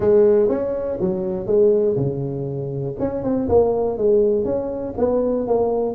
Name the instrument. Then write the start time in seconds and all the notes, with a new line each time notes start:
tuba
0.00 G#3
0.48 C#4
1.00 F#3
1.46 G#3
1.96 C#3
2.99 C#4
3.23 C4
3.48 A#3
3.97 G#3
4.44 C#4
4.97 B3
5.47 A#3